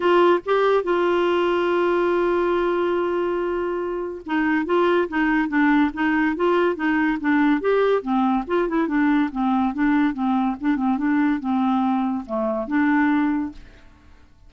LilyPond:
\new Staff \with { instrumentName = "clarinet" } { \time 4/4 \tempo 4 = 142 f'4 g'4 f'2~ | f'1~ | f'2 dis'4 f'4 | dis'4 d'4 dis'4 f'4 |
dis'4 d'4 g'4 c'4 | f'8 e'8 d'4 c'4 d'4 | c'4 d'8 c'8 d'4 c'4~ | c'4 a4 d'2 | }